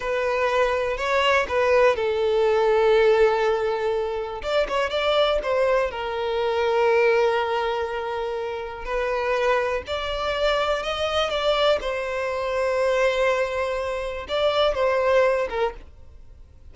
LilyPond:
\new Staff \with { instrumentName = "violin" } { \time 4/4 \tempo 4 = 122 b'2 cis''4 b'4 | a'1~ | a'4 d''8 cis''8 d''4 c''4 | ais'1~ |
ais'2 b'2 | d''2 dis''4 d''4 | c''1~ | c''4 d''4 c''4. ais'8 | }